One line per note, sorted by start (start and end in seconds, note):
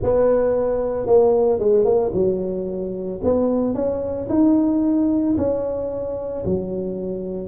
0.02 1.06 B3
1.06 1.59 A#3
1.59 1.85 G#3
1.85 2.11 A#3
2.13 3.20 F#3
3.23 3.74 B3
3.74 4.28 C#4
4.29 5.36 D#4
5.37 6.44 C#4
6.45 7.48 F#3